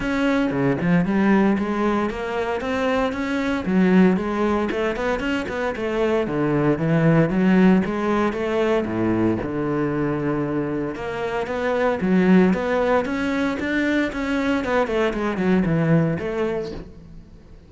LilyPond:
\new Staff \with { instrumentName = "cello" } { \time 4/4 \tempo 4 = 115 cis'4 cis8 f8 g4 gis4 | ais4 c'4 cis'4 fis4 | gis4 a8 b8 cis'8 b8 a4 | d4 e4 fis4 gis4 |
a4 a,4 d2~ | d4 ais4 b4 fis4 | b4 cis'4 d'4 cis'4 | b8 a8 gis8 fis8 e4 a4 | }